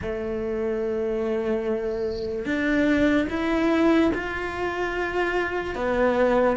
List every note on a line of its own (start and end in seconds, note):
0.01 2.45 A3
2.45 3.27 D4
3.29 4.11 E4
4.14 5.75 F4
5.75 6.56 B3